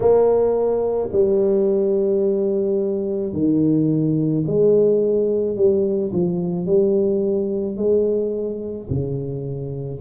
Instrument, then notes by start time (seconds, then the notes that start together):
tuba
0.00 A#3
1.12 G3
3.32 D#3
4.46 G#3
5.56 G3
6.13 F3
6.66 G3
7.76 G#3
8.89 C#3